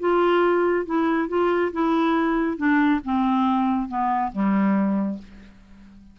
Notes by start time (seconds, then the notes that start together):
0.00 F4
0.86 E4
1.29 F4
1.73 E4
2.58 D4
3.05 C4
3.89 B3
4.33 G3